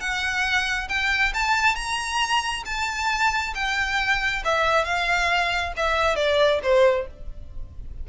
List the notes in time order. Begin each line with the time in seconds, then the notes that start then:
0.00 F#5
0.89 G5
1.34 A5
1.75 A#5
2.65 A5
3.55 G5
4.45 E5
4.85 F5
5.77 E5
6.16 D5
6.63 C5